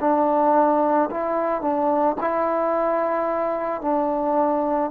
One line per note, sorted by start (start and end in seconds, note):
0.00 1.09 D4
1.10 1.61 E4
1.61 2.16 D4
2.20 3.81 E4
3.81 4.90 D4